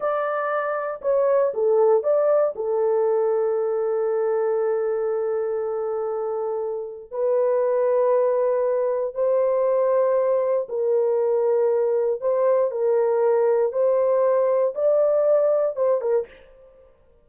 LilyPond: \new Staff \with { instrumentName = "horn" } { \time 4/4 \tempo 4 = 118 d''2 cis''4 a'4 | d''4 a'2.~ | a'1~ | a'2 b'2~ |
b'2 c''2~ | c''4 ais'2. | c''4 ais'2 c''4~ | c''4 d''2 c''8 ais'8 | }